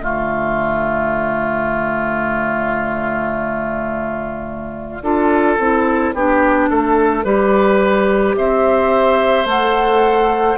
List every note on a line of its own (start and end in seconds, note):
0.00 5.02 D3
0.00 5.00 A3
0.00 5.03 F4
0.00 8.36 D5
5.02 5.58 D4
5.02 5.59 F4
5.02 6.15 A4
5.59 6.14 C4
5.59 6.15 E4
6.14 6.69 B3
6.14 7.24 D4
6.14 6.70 G4
6.70 7.25 A3
6.70 7.25 A4
7.24 8.36 G3
7.24 9.46 G4
7.24 8.36 B4
8.36 9.46 C4
8.36 10.59 C5
8.36 9.47 E5
9.46 10.57 A3
9.46 10.57 A4
9.46 10.59 F#5